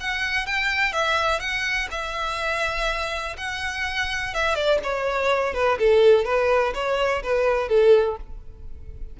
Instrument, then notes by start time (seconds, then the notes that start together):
violin
0.00 F#5
0.46 G5
0.93 E5
1.40 F#5
1.90 E5
3.37 F#5
4.34 E5
4.55 D5
4.83 C#5
5.54 B4
5.78 A4
6.25 B4
6.74 C#5
7.23 B4
7.68 A4